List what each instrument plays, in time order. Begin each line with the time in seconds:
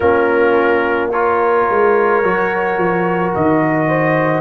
0.00 tuba A#3, trombone C#4, horn F4, trumpet A#4
1.11 trombone F4, horn A#4, trumpet C#5
1.69 tuba G#3
2.22 tuba F#3, trombone F#4
2.77 tuba F3
3.34 tuba D#3, trumpet D#5
3.88 horn C5